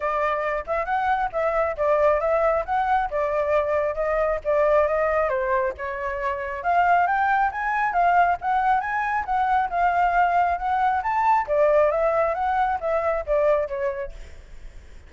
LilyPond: \new Staff \with { instrumentName = "flute" } { \time 4/4 \tempo 4 = 136 d''4. e''8 fis''4 e''4 | d''4 e''4 fis''4 d''4~ | d''4 dis''4 d''4 dis''4 | c''4 cis''2 f''4 |
g''4 gis''4 f''4 fis''4 | gis''4 fis''4 f''2 | fis''4 a''4 d''4 e''4 | fis''4 e''4 d''4 cis''4 | }